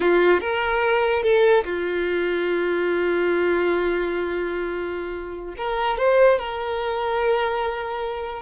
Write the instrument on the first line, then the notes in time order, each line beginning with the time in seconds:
violin
0.00 F4
0.40 A#4
1.23 A4
1.64 F4
5.57 A#4
5.97 C5
6.38 A#4